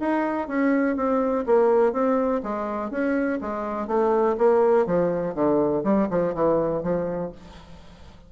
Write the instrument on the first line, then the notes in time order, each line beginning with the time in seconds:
bassoon
0.00 D#4
0.48 C#4
0.96 C4
1.47 A#3
1.93 C4
2.43 G#3
2.91 C#4
3.41 G#3
3.88 A3
4.38 A#3
4.87 F3
5.35 D3
5.84 G3
6.10 F3
6.34 E3
6.83 F3